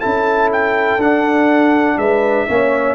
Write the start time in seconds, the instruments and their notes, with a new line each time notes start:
0.00 tuba C#4, trombone E4, horn A4, trumpet A5
0.52 trumpet G5
0.97 tuba D4, trombone D4, trumpet F#5
1.97 tuba G#3, horn B4, trumpet E5
2.48 tuba A#3, trombone C#4, horn C#5